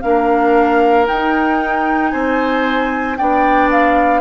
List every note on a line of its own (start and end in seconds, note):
0.00 1.08 A#3
0.00 1.06 D4
0.00 2.12 A#4
0.00 1.05 F5
1.06 3.16 D#4
1.06 2.13 D#4
1.06 2.10 G5
2.10 3.18 C4
2.10 3.17 C5
2.10 3.15 G#5
3.17 4.21 B3
3.17 4.21 D4
3.17 4.21 D5
3.17 3.70 G5
3.71 4.21 F5